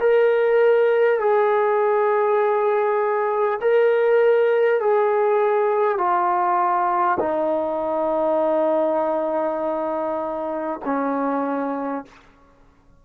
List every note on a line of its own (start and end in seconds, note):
0.00 1.20 A#4
1.20 3.60 G#4
3.61 4.81 A#4
4.81 5.98 G#4
5.98 7.18 F4
7.20 10.80 D#4
10.85 12.05 C#4